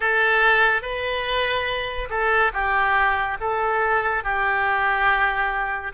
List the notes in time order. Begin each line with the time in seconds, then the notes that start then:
0.00 A4
0.81 B4
2.09 A4
2.53 G4
3.40 A4
4.23 G4